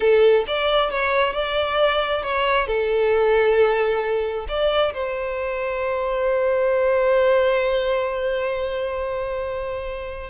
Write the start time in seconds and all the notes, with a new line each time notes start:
0.00 A4
0.47 D5
0.90 C#5
1.33 D5
2.23 C#5
2.67 A4
4.48 D5
4.93 C5